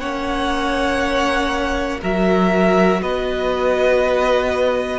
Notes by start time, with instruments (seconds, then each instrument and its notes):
0.00 cello A#3, viola C#4, violin C#5 F#5
2.01 cello F#3, viola F#4, violin A#4 E5
3.02 cello B3, violin B4 D#5